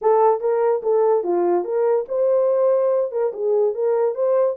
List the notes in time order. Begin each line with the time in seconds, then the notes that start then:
0.01 A4
0.40 A#4
0.83 A4
1.23 F4
1.64 A#4
2.08 C5
3.11 A#4
3.33 G#4
3.74 A#4
4.14 C5